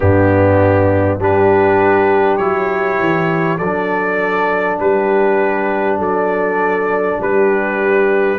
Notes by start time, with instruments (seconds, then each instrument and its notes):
0.00 tuba G2, trombone B3, horn D4, trumpet G4
1.18 tuba G3, trombone D4, horn G4, trumpet B4
2.37 tuba F#3, trombone E4, trumpet C#5
2.99 tuba E3
3.58 tuba F#3, trombone D4, horn A4, trumpet D5
4.79 tuba G3, horn G4, trumpet B4
5.98 tuba F#3, horn A4, trumpet D5
7.20 tuba G3, horn G4, trumpet B4